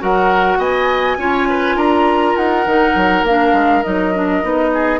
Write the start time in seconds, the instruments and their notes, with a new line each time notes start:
0.00 bassoon F#3, clarinet F#4, oboe A#4, flute F#5
0.58 bassoon B3, oboe D#5, flute G#5
1.18 bassoon C#4, clarinet F4, oboe C#5
1.50 oboe B4
1.76 bassoon D4, oboe A#4, flute A#5
2.36 bassoon D#4, flute F#5
2.66 bassoon D#3, clarinet D#4
2.95 bassoon F#3
3.23 bassoon A#3, clarinet D4, flute F5
3.53 bassoon G#3
3.83 bassoon F#3, clarinet D#4, flute D#5
4.14 clarinet D4
4.42 bassoon B3, clarinet D#4
4.74 oboe G#4